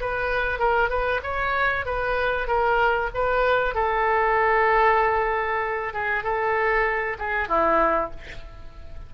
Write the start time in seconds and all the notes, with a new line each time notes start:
0.00 B4
0.59 A#4
0.89 B4
1.23 C#5
1.85 B4
2.47 A#4
3.14 B4
3.74 A4
5.93 G#4
6.23 A4
7.18 G#4
7.48 E4